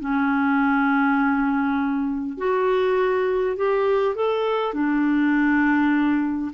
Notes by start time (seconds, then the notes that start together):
0.00 C#4
2.38 F#4
3.56 G4
4.16 A4
4.74 D4